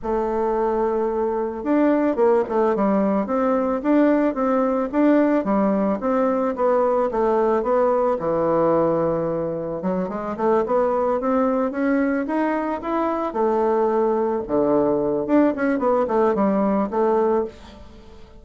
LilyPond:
\new Staff \with { instrumentName = "bassoon" } { \time 4/4 \tempo 4 = 110 a2. d'4 | ais8 a8 g4 c'4 d'4 | c'4 d'4 g4 c'4 | b4 a4 b4 e4~ |
e2 fis8 gis8 a8 b8~ | b8 c'4 cis'4 dis'4 e'8~ | e'8 a2 d4. | d'8 cis'8 b8 a8 g4 a4 | }